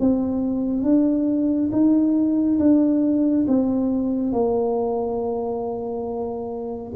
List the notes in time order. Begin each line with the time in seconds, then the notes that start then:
0.00 C4
0.83 D4
1.72 D#4
2.59 D4
3.47 C4
4.32 A#3